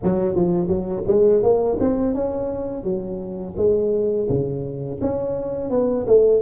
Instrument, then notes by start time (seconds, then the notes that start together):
tuba
0.03 F#3
0.35 F3
0.67 F#3
1.07 G#3
1.43 A#3
1.80 C4
2.14 C#4
2.83 F#3
3.56 G#3
4.29 C#3
5.01 C#4
5.70 B3
6.06 A3